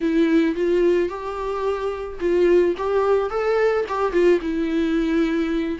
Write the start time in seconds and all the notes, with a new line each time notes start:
0.00 E4
0.55 F4
1.08 G4
2.20 F4
2.77 G4
3.30 A4
3.88 G4
4.12 F4
4.41 E4